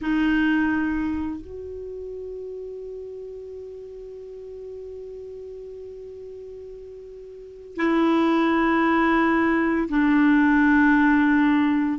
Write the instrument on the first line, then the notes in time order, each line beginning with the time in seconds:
clarinet
0.01 D#4
1.41 F#4
7.76 E4
9.89 D4